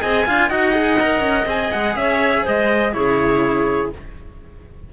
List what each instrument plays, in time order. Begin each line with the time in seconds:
0.00 cello C4 G#4, clarinet D#5, trumpet G#5
0.26 cello D4 F4, clarinet F5
0.49 cello D#4 F#4, clarinet D#5, trumpet F#5
0.73 cello G#4
1.00 cello A#4
1.20 cello C#4
1.45 cello C4 G#4, trumpet G#5
1.72 cello G#3, trumpet F#5
1.95 cello C#4, clarinet C#5, trumpet E5
2.42 cello G#3, clarinet C5, trumpet D#5
2.92 cello C#3 E4, clarinet G#4, trumpet C#5